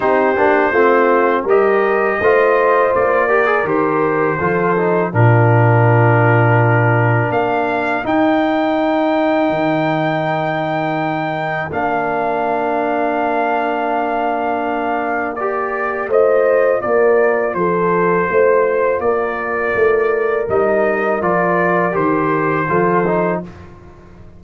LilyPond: <<
  \new Staff \with { instrumentName = "trumpet" } { \time 4/4 \tempo 4 = 82 c''2 dis''2 | d''4 c''2 ais'4~ | ais'2 f''4 g''4~ | g''1 |
f''1~ | f''4 d''4 dis''4 d''4 | c''2 d''2 | dis''4 d''4 c''2 | }
  \new Staff \with { instrumentName = "horn" } { \time 4/4 g'4 f'4 ais'4 c''4~ | c''8 ais'4. a'4 f'4~ | f'2 ais'2~ | ais'1~ |
ais'1~ | ais'2 c''4 ais'4 | a'4 c''4 ais'2~ | ais'2. a'4 | }
  \new Staff \with { instrumentName = "trombone" } { \time 4/4 dis'8 d'8 c'4 g'4 f'4~ | f'8 g'16 gis'16 g'4 f'8 dis'8 d'4~ | d'2. dis'4~ | dis'1 |
d'1~ | d'4 g'4 f'2~ | f'1 | dis'4 f'4 g'4 f'8 dis'8 | }
  \new Staff \with { instrumentName = "tuba" } { \time 4/4 c'8 ais8 a4 g4 a4 | ais4 dis4 f4 ais,4~ | ais,2 ais4 dis'4~ | dis'4 dis2. |
ais1~ | ais2 a4 ais4 | f4 a4 ais4 a4 | g4 f4 dis4 f4 | }
>>